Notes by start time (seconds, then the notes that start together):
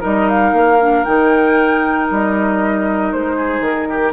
0.00 G3 D#4 A#4 D#5
0.28 F5
0.53 A#3
0.80 D4
1.04 D#3 D#4 G5
2.10 G3 D#5
3.13 G#3 C5
3.37 G#4
3.60 D#3 A#4
3.90 G4